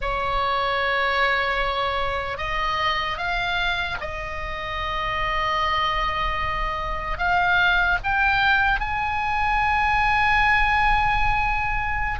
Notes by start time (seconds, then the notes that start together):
0.01 C#5
2.37 D#5
3.17 F5
4.00 D#5
7.18 F5
8.03 G5
8.80 G#5